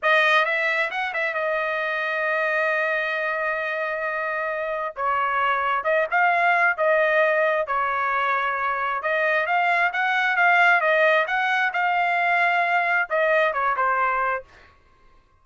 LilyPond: \new Staff \with { instrumentName = "trumpet" } { \time 4/4 \tempo 4 = 133 dis''4 e''4 fis''8 e''8 dis''4~ | dis''1~ | dis''2. cis''4~ | cis''4 dis''8 f''4. dis''4~ |
dis''4 cis''2. | dis''4 f''4 fis''4 f''4 | dis''4 fis''4 f''2~ | f''4 dis''4 cis''8 c''4. | }